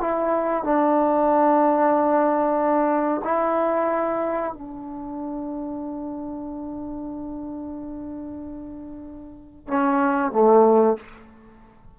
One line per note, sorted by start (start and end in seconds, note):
0.00 0.64 E4
0.64 3.22 D4
3.24 4.53 E4
4.53 9.67 D4
9.67 10.32 C#4
10.32 10.96 A3